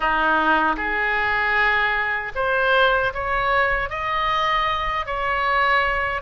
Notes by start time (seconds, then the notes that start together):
0.00 D#4
0.76 G#4
2.35 C5
3.13 C#5
3.89 D#5
5.06 C#5